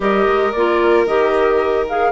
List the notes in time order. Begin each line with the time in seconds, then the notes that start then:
0.00 G3 G4 A#4 D#5
0.27 G#3
0.52 A#3 F4 D5
1.05 D#3 G4 D#5
1.88 G#4 F5